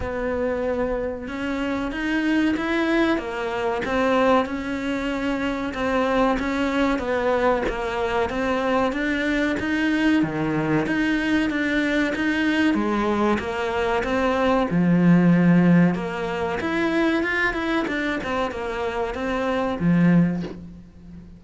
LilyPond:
\new Staff \with { instrumentName = "cello" } { \time 4/4 \tempo 4 = 94 b2 cis'4 dis'4 | e'4 ais4 c'4 cis'4~ | cis'4 c'4 cis'4 b4 | ais4 c'4 d'4 dis'4 |
dis4 dis'4 d'4 dis'4 | gis4 ais4 c'4 f4~ | f4 ais4 e'4 f'8 e'8 | d'8 c'8 ais4 c'4 f4 | }